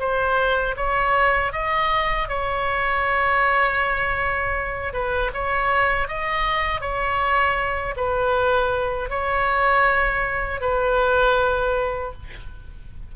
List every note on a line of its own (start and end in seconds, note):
0.00 0.76 C5
0.77 1.53 C#5
1.53 2.29 D#5
2.29 4.94 C#5
4.94 5.32 B4
5.34 6.08 C#5
6.08 6.81 D#5
6.81 7.95 C#5
7.97 9.10 B4
9.10 10.61 C#5
10.61 12.13 B4